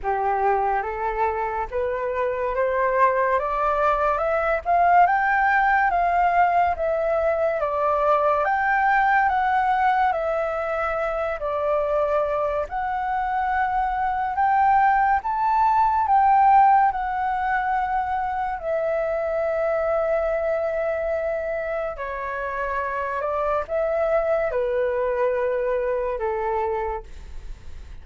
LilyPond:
\new Staff \with { instrumentName = "flute" } { \time 4/4 \tempo 4 = 71 g'4 a'4 b'4 c''4 | d''4 e''8 f''8 g''4 f''4 | e''4 d''4 g''4 fis''4 | e''4. d''4. fis''4~ |
fis''4 g''4 a''4 g''4 | fis''2 e''2~ | e''2 cis''4. d''8 | e''4 b'2 a'4 | }